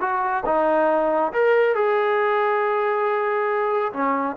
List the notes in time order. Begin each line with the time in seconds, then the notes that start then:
0.00 F#4
0.45 D#4
1.33 A#4
1.75 G#4
3.93 C#4